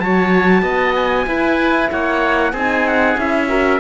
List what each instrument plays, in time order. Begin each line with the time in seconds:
0.00 cello F#3, horn F#4, oboe C#5, trumpet A5
0.62 cello B3, oboe D#5
0.96 trumpet G#5
1.27 cello E4, horn E4, oboe B4
1.92 cello A#3, oboe C#5, trumpet F#5
2.52 cello C4, horn D#4, oboe G#4
2.59 trumpet G#5
2.88 trumpet F#5
3.17 cello C#4, horn E4, trumpet E5
3.49 horn F#4, oboe A#4